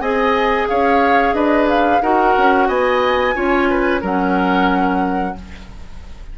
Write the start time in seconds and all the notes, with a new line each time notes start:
0.00 C4 G#4 D#5 G#5
0.68 C#4 C#5 F5
1.33 D4 B4 D#5
1.69 F5
2.02 D#4 F#4 A#4 F#5
2.37 C#4
2.68 B3 D#5 G#5
3.34 C#4 F4 C#5
3.70 B4
4.01 F#3 C#4 A#4 F#5